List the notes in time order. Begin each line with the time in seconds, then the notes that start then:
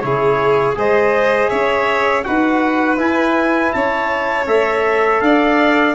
0.00 C#3 E4 G#4 C#5
0.75 G#3 G#4 C5 D#5
1.49 C#4 C#5 E5
2.24 D#4 F#4 B4 F#5
2.97 E4 G#5
3.73 C#4 C#5 A5
4.46 A3 A4 E5
5.21 D4 D5 F5